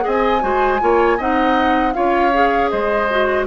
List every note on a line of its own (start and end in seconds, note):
0.00 0.38 G#4
0.00 0.42 D#5
0.06 0.43 C4
0.06 1.20 G#5
0.41 0.81 G#3
0.41 0.79 F#4
0.41 0.80 C5
0.80 1.19 A#3
0.80 1.18 F4
0.80 1.17 C#5
1.17 1.94 C4
1.17 1.93 D#4
1.17 1.93 D#5
1.17 1.93 F#5
1.93 2.72 C#4
1.93 2.31 F4
1.93 2.70 C#5
1.93 2.69 F5
2.32 3.08 G#4
2.69 3.46 G#3
2.69 3.46 C5
2.69 3.45 D#5
3.10 3.46 F#4